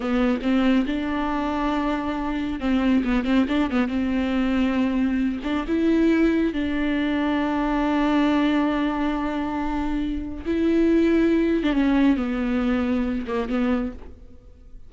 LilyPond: \new Staff \with { instrumentName = "viola" } { \time 4/4 \tempo 4 = 138 b4 c'4 d'2~ | d'2 c'4 b8 c'8 | d'8 b8 c'2.~ | c'8 d'8 e'2 d'4~ |
d'1~ | d'1 | e'2~ e'8. d'16 cis'4 | b2~ b8 ais8 b4 | }